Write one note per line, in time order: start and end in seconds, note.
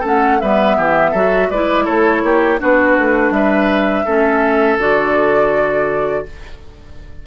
0.00 0.41 A3
0.00 0.41 C#4
0.00 0.37 A4
0.07 0.41 F#5
0.41 0.78 G3
0.41 1.16 B3
0.41 0.77 B4
0.41 1.50 E5
0.77 1.14 E3
0.77 1.11 G4
1.11 1.50 F#3
1.11 1.52 F#4
1.11 1.48 A4
1.50 1.87 G#3
1.50 2.59 E4
1.50 1.85 B4
1.50 1.87 D5
1.85 2.23 A3
1.85 2.22 A4
1.85 2.60 C#5
2.23 2.60 A#3
2.23 2.61 G4
2.59 2.98 B3
2.59 4.05 D4
2.59 3.34 F#4
2.59 3.32 B4
2.98 3.31 A3
3.31 4.04 G3
3.31 4.05 B4
3.31 4.79 E5
4.05 4.77 A3
4.05 4.80 C#4
4.05 6.25 A4
4.77 6.24 D3
4.77 6.26 F#4
4.77 6.27 D5